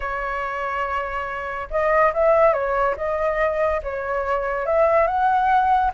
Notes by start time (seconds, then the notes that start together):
0.00 C#5
1.70 D#5
2.13 E5
2.53 C#5
2.96 D#5
3.83 C#5
4.66 E5
5.07 F#5